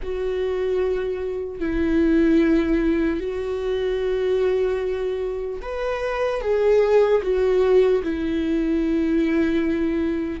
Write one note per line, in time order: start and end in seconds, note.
0.02 1.60 F#4
1.60 3.20 E4
3.20 5.60 F#4
5.62 6.41 B4
6.41 7.21 G#4
7.22 8.02 F#4
8.03 10.40 E4